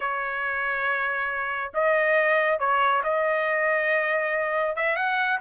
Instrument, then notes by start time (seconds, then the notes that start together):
trumpet
0.00 C#5
1.74 D#5
2.59 C#5
3.03 D#5
4.76 E5
4.96 F#5